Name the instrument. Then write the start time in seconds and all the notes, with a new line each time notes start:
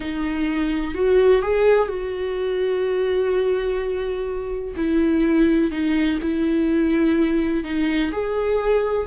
viola
0.00 D#4
0.94 F#4
1.42 G#4
1.88 F#4
4.76 E4
5.71 D#4
6.22 E4
7.63 D#4
8.12 G#4